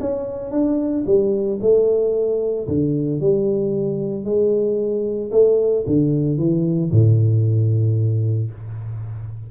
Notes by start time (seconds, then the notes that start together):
0.00 C#4
0.51 D4
1.06 G3
1.61 A3
2.68 D3
3.20 G3
4.24 G#3
5.31 A3
5.86 D3
6.38 E3
6.91 A2